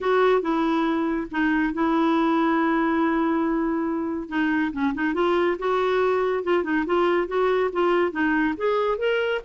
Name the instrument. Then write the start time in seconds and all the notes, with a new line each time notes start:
clarinet
0.00 F#4
0.41 E4
1.31 D#4
1.73 E4
4.28 D#4
4.72 C#4
4.94 D#4
5.14 F4
5.59 F#4
6.43 F4
6.63 D#4
6.86 F4
7.27 F#4
7.72 F4
8.11 D#4
8.57 G#4
8.98 A#4